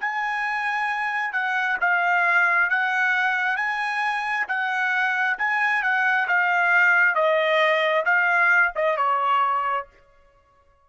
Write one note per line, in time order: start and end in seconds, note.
0.00 1.32 G#5
1.32 1.77 F#5
1.80 2.69 F5
2.69 3.56 F#5
3.56 4.46 G#5
4.47 5.37 F#5
5.38 5.82 G#5
5.82 6.27 F#5
6.27 7.15 F5
7.15 8.04 D#5
8.05 8.72 F5
8.75 8.97 D#5
8.97 9.86 C#5